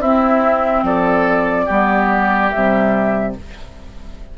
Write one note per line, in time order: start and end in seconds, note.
0.00 0.83 C4
0.00 1.69 C4
0.00 0.85 E4
0.00 0.85 E5
0.83 1.66 F3
0.83 1.66 A4
0.83 2.49 D5
1.66 2.53 G3
1.66 2.52 B3
1.66 3.33 G4
2.49 3.38 C3
2.49 3.36 G3
2.49 3.33 E5